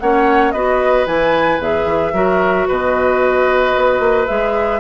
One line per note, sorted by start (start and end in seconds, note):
0.00 0.53 A#3
0.00 0.55 C#4
0.00 0.54 C#5
0.00 0.52 F#5
0.52 1.06 B3
0.52 1.07 F#4
0.52 2.14 B4
0.52 1.05 D#5
1.06 1.59 E3
1.06 1.61 E4
1.06 1.61 G#5
1.59 1.86 E2
1.59 2.14 G#4
1.59 2.68 E5
1.86 2.12 E3
2.14 2.67 F#3
2.14 4.28 F#4
2.14 2.68 A#4
2.68 3.76 B2
2.68 4.81 B4
2.68 4.27 D#5
3.76 4.00 B3
4.00 4.27 A#3
4.27 4.81 G#3
4.27 4.81 G#4
4.27 4.81 E5